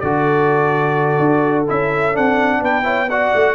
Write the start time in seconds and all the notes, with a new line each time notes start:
0.00 D3 F#4 A4 D5
1.19 D4
1.67 C#4 E4 E5
2.13 C4 D4 F#5
2.61 B3 B4 G5
2.83 E4 C#5
3.09 F#4 D5 F#5
3.35 A3